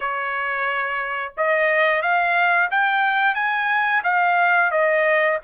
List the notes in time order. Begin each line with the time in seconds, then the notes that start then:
0.00 C#5
1.37 D#5
2.01 F5
2.70 G5
3.34 G#5
4.03 F5
4.71 D#5